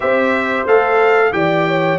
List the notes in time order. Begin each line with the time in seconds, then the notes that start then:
0.00 C4 G4 C5 E5
0.65 A3 A4 F5
1.32 E3 G4 D5 G5
1.68 C#5